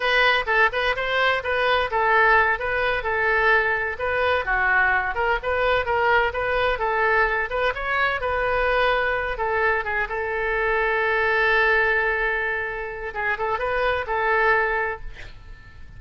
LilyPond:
\new Staff \with { instrumentName = "oboe" } { \time 4/4 \tempo 4 = 128 b'4 a'8 b'8 c''4 b'4 | a'4. b'4 a'4.~ | a'8 b'4 fis'4. ais'8 b'8~ | b'8 ais'4 b'4 a'4. |
b'8 cis''4 b'2~ b'8 | a'4 gis'8 a'2~ a'8~ | a'1 | gis'8 a'8 b'4 a'2 | }